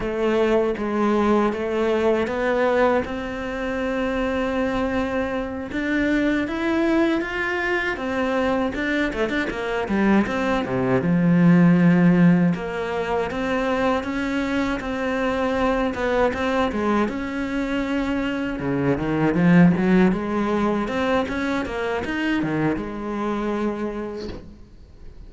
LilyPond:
\new Staff \with { instrumentName = "cello" } { \time 4/4 \tempo 4 = 79 a4 gis4 a4 b4 | c'2.~ c'8 d'8~ | d'8 e'4 f'4 c'4 d'8 | a16 d'16 ais8 g8 c'8 c8 f4.~ |
f8 ais4 c'4 cis'4 c'8~ | c'4 b8 c'8 gis8 cis'4.~ | cis'8 cis8 dis8 f8 fis8 gis4 c'8 | cis'8 ais8 dis'8 dis8 gis2 | }